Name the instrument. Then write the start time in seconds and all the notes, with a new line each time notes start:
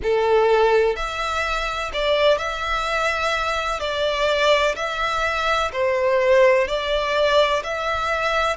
violin
0.03 A4
0.96 E5
1.93 D5
2.38 E5
3.80 D5
4.75 E5
5.72 C5
6.67 D5
7.63 E5